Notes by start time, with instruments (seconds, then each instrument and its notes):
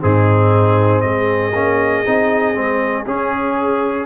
0.00 tuba G#2, trombone C4, horn D#4, trumpet G#4
1.01 tuba G#3, horn G#4, trumpet D#5
1.55 tuba A#3, trombone C#4
2.05 tuba C4, trombone D#4
2.54 tuba G#3, trombone C4
3.06 trombone C#4, tuba C#4, trumpet G#4